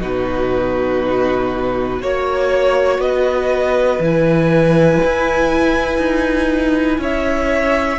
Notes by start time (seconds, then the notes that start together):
0.00 B2 D#4 F#4 B4
2.01 A#3 F#4 C#5
2.99 B3 B4 D#5
3.99 E3 E4 G#5
5.04 E4
5.98 D#4
6.98 C#4 C#5 E5